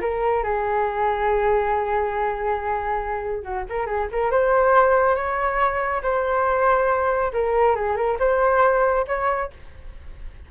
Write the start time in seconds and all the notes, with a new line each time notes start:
0.00 A#4
0.43 G#4
3.42 F#4
3.69 A#4
3.86 G#4
4.11 A#4
4.30 C5
5.15 C#5
6.02 C5
7.32 A#4
7.75 G#4
7.96 A#4
8.19 C5
9.07 C#5